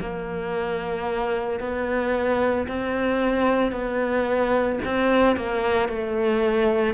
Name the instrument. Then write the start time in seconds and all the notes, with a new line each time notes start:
cello
0.00 A#3
1.59 B3
2.67 C4
3.71 B3
4.85 C4
5.36 A#3
5.88 A3